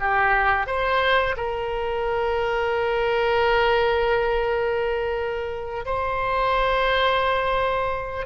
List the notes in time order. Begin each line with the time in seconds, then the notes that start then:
0.00 G4
0.66 C5
1.37 A#4
5.85 C5